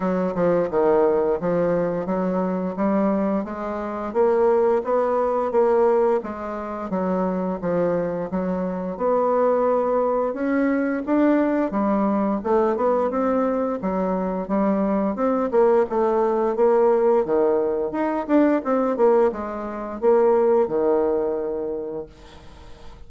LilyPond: \new Staff \with { instrumentName = "bassoon" } { \time 4/4 \tempo 4 = 87 fis8 f8 dis4 f4 fis4 | g4 gis4 ais4 b4 | ais4 gis4 fis4 f4 | fis4 b2 cis'4 |
d'4 g4 a8 b8 c'4 | fis4 g4 c'8 ais8 a4 | ais4 dis4 dis'8 d'8 c'8 ais8 | gis4 ais4 dis2 | }